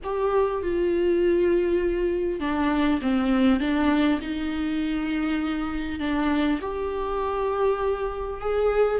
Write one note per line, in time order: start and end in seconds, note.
0.03 0.62 G4
0.62 2.39 F4
2.39 2.99 D4
3.01 3.60 C4
3.60 4.20 D4
4.21 5.99 D#4
5.99 6.59 D4
6.61 8.40 G4
8.40 9.00 G#4